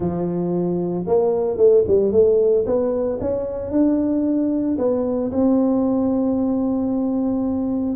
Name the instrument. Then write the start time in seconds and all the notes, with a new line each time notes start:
tuba
0.00 F3
1.06 A#3
1.57 A3
1.87 G3
2.12 A3
2.66 B3
3.20 C#4
3.71 D4
4.78 B3
5.31 C4